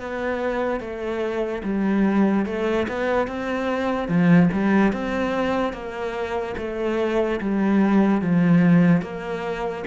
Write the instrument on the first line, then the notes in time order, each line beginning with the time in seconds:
cello
0.00 B3
0.80 A3
1.64 G3
2.46 A3
2.88 B3
3.28 C4
4.08 F3
4.53 G3
4.93 C4
5.73 A#3
6.58 A3
7.41 G3
8.22 F3
9.02 A#3